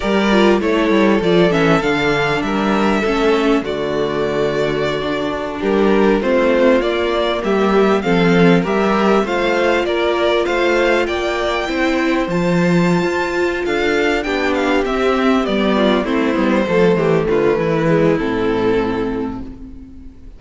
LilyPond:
<<
  \new Staff \with { instrumentName = "violin" } { \time 4/4 \tempo 4 = 99 d''4 cis''4 d''8 e''8 f''4 | e''2 d''2~ | d''4~ d''16 ais'4 c''4 d''8.~ | d''16 e''4 f''4 e''4 f''8.~ |
f''16 d''4 f''4 g''4.~ g''16~ | g''16 a''2~ a''16 f''4 g''8 | f''8 e''4 d''4 c''4.~ | c''8 b'4. a'2 | }
  \new Staff \with { instrumentName = "violin" } { \time 4/4 ais'4 a'2. | ais'4 a'4 fis'2~ | fis'4~ fis'16 g'4 f'4.~ f'16~ | f'16 g'4 a'4 ais'4 c''8.~ |
c''16 ais'4 c''4 d''4 c''8.~ | c''2~ c''8 a'4 g'8~ | g'2 f'8 e'4 a'8 | g'8 f'8 e'2. | }
  \new Staff \with { instrumentName = "viola" } { \time 4/4 g'8 f'8 e'4 f'8 cis'8 d'4~ | d'4 cis'4 a2~ | a16 d'2 c'4 ais8.~ | ais4~ ais16 c'4 g'4 f'8.~ |
f'2.~ f'16 e'8.~ | e'16 f'2.~ f'16 d'8~ | d'8 c'4 b4 c'8 b8 a8~ | a4. gis8 c'2 | }
  \new Staff \with { instrumentName = "cello" } { \time 4/4 g4 a8 g8 f8 e8 d4 | g4 a4 d2~ | d4~ d16 g4 a4 ais8.~ | ais16 g4 f4 g4 a8.~ |
a16 ais4 a4 ais4 c'8.~ | c'16 f4~ f16 f'4 d'4 b8~ | b8 c'4 g4 a8 g8 f8 | e8 d8 e4 a,2 | }
>>